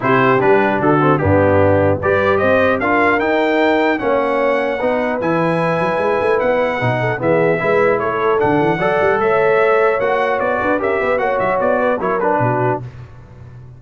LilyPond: <<
  \new Staff \with { instrumentName = "trumpet" } { \time 4/4 \tempo 4 = 150 c''4 b'4 a'4 g'4~ | g'4 d''4 dis''4 f''4 | g''2 fis''2~ | fis''4 gis''2. |
fis''2 e''2 | cis''4 fis''2 e''4~ | e''4 fis''4 d''4 e''4 | fis''8 e''8 d''4 cis''8 b'4. | }
  \new Staff \with { instrumentName = "horn" } { \time 4/4 g'2 fis'4 d'4~ | d'4 b'4 c''4 ais'4~ | ais'2 cis''2 | b'1~ |
b'4. a'8 gis'4 b'4 | a'2 d''4 cis''4~ | cis''2~ cis''8 b'8 ais'8 b'8 | cis''4. b'8 ais'4 fis'4 | }
  \new Staff \with { instrumentName = "trombone" } { \time 4/4 e'4 d'4. c'8 b4~ | b4 g'2 f'4 | dis'2 cis'2 | dis'4 e'2.~ |
e'4 dis'4 b4 e'4~ | e'4 d'4 a'2~ | a'4 fis'2 g'4 | fis'2 e'8 d'4. | }
  \new Staff \with { instrumentName = "tuba" } { \time 4/4 c4 g4 d4 g,4~ | g,4 g4 c'4 d'4 | dis'2 ais2 | b4 e4. fis8 gis8 a8 |
b4 b,4 e4 gis4 | a4 d8 e8 fis8 g8 a4~ | a4 ais4 b8 d'8 cis'8 b8 | ais8 fis8 b4 fis4 b,4 | }
>>